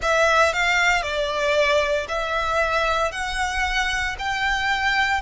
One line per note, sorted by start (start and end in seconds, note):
0.02 0.53 E5
0.53 1.02 F5
1.02 2.07 D5
2.08 3.11 E5
3.11 4.15 F#5
4.18 5.21 G5